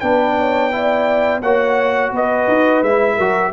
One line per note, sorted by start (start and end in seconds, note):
0.00 1.42 B3
0.00 0.72 D4
0.00 0.36 B4
0.00 1.41 G5
0.38 0.74 C#5
0.72 1.42 E4
0.72 1.42 D5
1.42 2.12 A#3
1.42 2.86 F#4
1.42 2.11 C#5
1.42 2.13 F#5
2.11 2.47 B3
2.11 3.16 B4
2.11 2.83 D#5
2.48 2.82 D#4
2.82 3.17 G#3
2.82 3.20 E4
2.82 3.53 E5
3.16 3.53 F#3
3.16 3.53 F#4
3.16 3.51 A#4